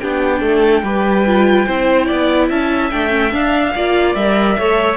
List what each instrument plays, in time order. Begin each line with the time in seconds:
0.00 cello B3, viola D4, violin G4 G5
0.40 cello A3, violin A4
0.83 cello G3, viola G4, violin B4
1.26 viola F4
1.66 cello C4, viola E4, violin C5
2.06 cello B3, violin D5
2.49 cello C#4, violin E5 A5
2.90 cello A3, viola D4, violin G5
3.09 viola C#4
3.31 viola D4, cello D4, violin F5
3.75 cello A#3, viola F4, violin D5
4.15 cello G3, viola A#4, violin E5
4.58 cello A3, viola A4, violin C#5